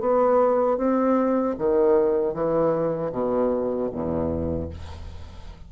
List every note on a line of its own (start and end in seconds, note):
0.00 0.77 B3
0.77 1.55 C4
1.58 2.33 D#3
2.33 3.11 E3
3.11 3.89 B2
3.92 4.70 E2